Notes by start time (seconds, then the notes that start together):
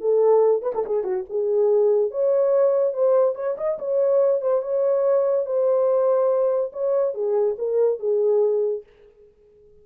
0.00 A4
0.62 B4
0.74 A4
0.85 G#4
1.03 F#4
1.29 G#4
2.11 C#5
2.93 C5
3.35 C#5
3.57 D#5
3.78 C#5
4.41 C5
4.62 C#5
5.45 C5
6.72 C#5
7.14 G#4
7.58 A#4
7.99 G#4